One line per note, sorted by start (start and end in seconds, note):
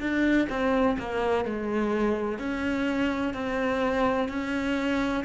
0.00 0.48 D4
0.49 0.97 C4
0.99 1.45 A#3
1.45 2.39 G#3
2.39 3.34 C#4
3.34 4.29 C4
4.29 5.24 C#4